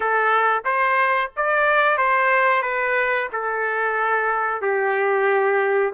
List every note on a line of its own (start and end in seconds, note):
0.00 0.63 A4
0.64 1.30 C5
1.36 1.97 D5
1.97 2.62 C5
2.62 3.28 B4
3.32 4.61 A4
4.61 5.93 G4